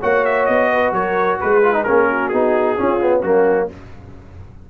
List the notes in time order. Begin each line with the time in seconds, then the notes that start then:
0.00 A#3 F#4 C#5 F#5
0.25 E5
0.46 B3 D#5
0.72 B4
0.92 F#3 A#4 C#5
1.40 G#3 G#4 B4
1.63 F4
1.73 D#4
1.84 A#3 C#4 A#4
2.09 F#4
2.28 B3 D#4 G#4
2.77 C#4 F4
3.01 B3
3.22 F#3 A#3 C#4 F#4